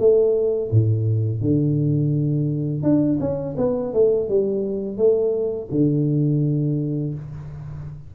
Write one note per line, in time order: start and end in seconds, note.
0.00 0.71 A3
0.71 1.41 A2
1.41 2.83 D3
2.83 3.19 D4
3.20 3.56 C#4
3.58 3.94 B3
3.94 4.29 A3
4.30 4.98 G3
4.98 5.69 A3
5.72 7.15 D3